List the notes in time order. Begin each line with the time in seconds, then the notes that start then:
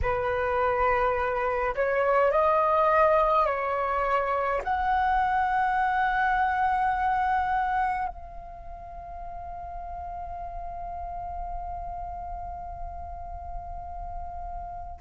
0.02 B4
1.75 C#5
2.31 D#5
3.46 C#5
4.64 F#5
8.08 F5